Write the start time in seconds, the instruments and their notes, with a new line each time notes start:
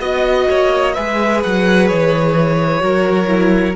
0.00 cello B3, viola F#4, violin D#5
0.49 cello A#3, violin C#5
0.94 cello G#3, viola G#4, violin B4 E5
1.43 cello F#3, violin F#5
1.87 cello E3, violin C#5
2.80 cello F#3, viola F#4, violin A#4
3.27 viola E4